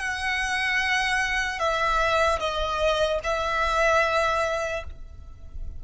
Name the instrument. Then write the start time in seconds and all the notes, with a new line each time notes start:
violin
0.00 F#5
1.59 E5
2.40 D#5
3.24 E5